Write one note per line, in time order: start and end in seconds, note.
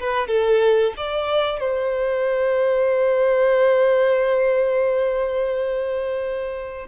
0.00 0.28 B4
0.28 0.94 A4
0.97 1.60 D5
1.60 6.88 C5